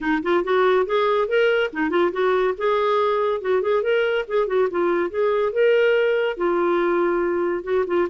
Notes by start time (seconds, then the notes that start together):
0.01 D#4
0.22 F4
0.44 F#4
0.86 G#4
1.27 A#4
1.72 D#4
1.90 F4
2.12 F#4
2.57 G#4
3.41 F#4
3.62 G#4
3.82 A#4
4.27 G#4
4.47 F#4
4.70 F4
5.09 G#4
5.52 A#4
6.37 F4
7.63 F#4
7.86 F4